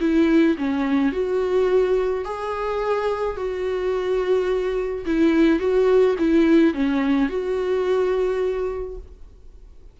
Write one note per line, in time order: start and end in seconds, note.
0.00 0.56 E4
0.58 1.12 C#4
1.12 2.24 F#4
2.25 3.37 G#4
3.37 5.05 F#4
5.06 5.59 E4
5.59 6.15 F#4
6.19 6.73 E4
6.73 7.29 C#4
7.29 8.97 F#4